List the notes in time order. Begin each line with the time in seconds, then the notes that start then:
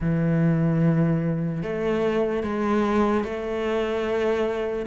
0.00 E3
1.63 A3
2.43 G#3
3.24 A3